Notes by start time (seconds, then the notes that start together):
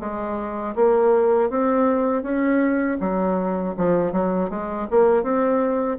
0.00 G#3
0.76 A#3
1.50 C4
2.23 C#4
3.00 F#3
3.77 F3
4.12 F#3
4.50 G#3
4.91 A#3
5.23 C4